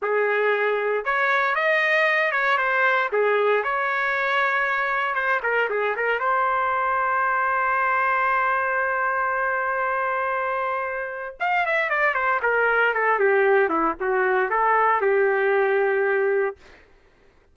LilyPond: \new Staff \with { instrumentName = "trumpet" } { \time 4/4 \tempo 4 = 116 gis'2 cis''4 dis''4~ | dis''8 cis''8 c''4 gis'4 cis''4~ | cis''2 c''8 ais'8 gis'8 ais'8 | c''1~ |
c''1~ | c''2 f''8 e''8 d''8 c''8 | ais'4 a'8 g'4 e'8 fis'4 | a'4 g'2. | }